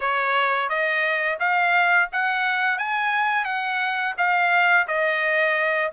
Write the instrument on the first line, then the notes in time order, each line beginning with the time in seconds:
trumpet
0.00 C#5
0.68 D#5
1.40 F5
2.12 F#5
2.78 G#5
3.44 F#5
4.17 F5
4.87 D#5